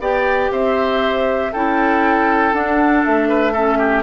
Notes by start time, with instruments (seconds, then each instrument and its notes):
0.00 bassoon B3, clarinet G4, oboe D5, flute G5
0.52 bassoon C4, oboe C5, flute E5
1.53 bassoon C#4, clarinet E4, oboe A4, flute G5
2.54 bassoon D4, clarinet D4, flute F#5
3.05 bassoon A3, flute E5
3.29 oboe B4
3.53 clarinet C#4, oboe A4
3.79 oboe G4